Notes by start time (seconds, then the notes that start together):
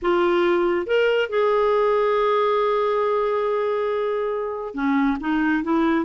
0.02 F4
0.86 A#4
1.29 G#4
4.74 C#4
5.20 D#4
5.63 E4